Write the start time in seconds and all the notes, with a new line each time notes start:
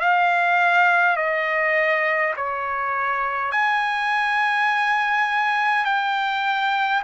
0.00 F5
1.17 D#5
2.36 C#5
3.52 G#5
5.85 G5